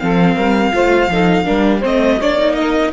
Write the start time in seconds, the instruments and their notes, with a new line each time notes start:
0.00 cello F3, viola C4, saxophone A4, violin F5
0.36 cello G3, saxophone A#4
0.72 cello A3, viola F4, saxophone C5
1.08 cello F3, viola D#4, saxophone A4
1.45 cello G3, viola D4, saxophone A#4
1.81 cello A3, viola C4, saxophone C5, violin D#5
2.19 cello A#3, viola D4, saxophone C#5, violin D5
2.38 viola D#4
2.55 saxophone A#4, violin D#5